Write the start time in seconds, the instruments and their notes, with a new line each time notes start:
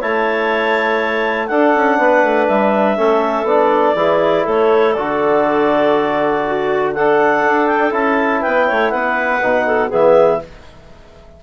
0.00 bassoon A3, trombone E4, clarinet C#5 A5
1.48 trombone D4, bassoon D4, clarinet A4 F#5
1.76 bassoon C#4
1.99 bassoon B3, clarinet B4
2.23 bassoon A3
2.48 bassoon G3, clarinet E5
2.97 bassoon A3, trombone C#4, clarinet A4
3.44 bassoon B3, trombone D4, clarinet D5
3.95 bassoon E3, trombone E4, clarinet G#4
4.44 bassoon A3, clarinet A4 C#5
4.93 bassoon D3, trombone F#4, clarinet D5
6.46 clarinet F#4
6.95 trombone D4, clarinet A4 F#5
7.47 bassoon D4
7.67 clarinet G5
7.91 bassoon C#4, trombone E4, clarinet A5
8.41 bassoon B3, clarinet B4 G5
8.67 bassoon A3, clarinet C#5
8.91 bassoon B3, clarinet B4 F#5
9.42 bassoon B2, trombone D#4
9.67 clarinet A4
9.89 bassoon E3, trombone B3, clarinet G#4 E5